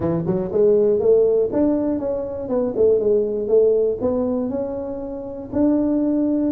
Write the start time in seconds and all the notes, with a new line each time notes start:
0.00 E3
0.26 F#3
0.52 G#3
0.99 A3
1.52 D4
1.99 C#4
2.48 B3
2.76 A3
2.99 G#3
3.47 A3
4.01 B3
4.49 C#4
5.52 D4